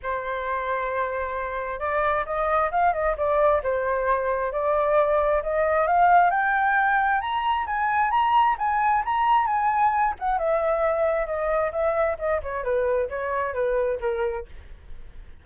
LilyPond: \new Staff \with { instrumentName = "flute" } { \time 4/4 \tempo 4 = 133 c''1 | d''4 dis''4 f''8 dis''8 d''4 | c''2 d''2 | dis''4 f''4 g''2 |
ais''4 gis''4 ais''4 gis''4 | ais''4 gis''4. fis''8 e''4~ | e''4 dis''4 e''4 dis''8 cis''8 | b'4 cis''4 b'4 ais'4 | }